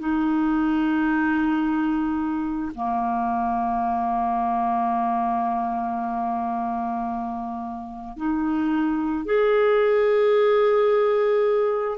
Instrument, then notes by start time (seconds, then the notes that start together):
clarinet
0.00 D#4
2.76 A#3
8.18 D#4
9.26 G#4